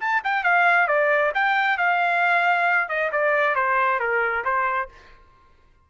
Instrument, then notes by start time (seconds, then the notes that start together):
trumpet
0.00 A5
0.24 G5
0.43 F5
0.87 D5
1.34 G5
1.78 F5
2.88 D#5
3.12 D5
3.55 C5
4.00 A#4
4.44 C5